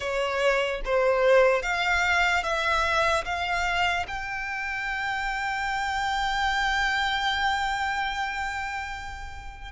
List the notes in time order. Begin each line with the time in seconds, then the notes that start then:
0.00 C#5
0.84 C5
1.62 F5
2.43 E5
3.24 F5
4.07 G5